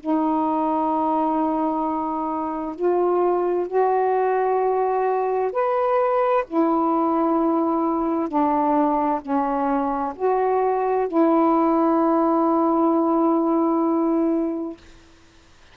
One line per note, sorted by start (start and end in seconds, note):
0.00 2.76 D#4
2.76 3.67 F4
3.67 5.51 F#4
5.52 6.44 B4
6.47 8.28 E4
8.28 9.21 D4
9.21 10.14 C#4
10.15 11.08 F#4
11.08 14.77 E4